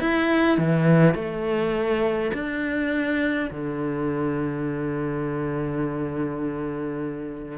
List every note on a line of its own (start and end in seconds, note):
0.00 0.58 E4
0.58 1.15 E3
1.15 2.31 A3
2.34 3.50 D4
3.51 7.58 D3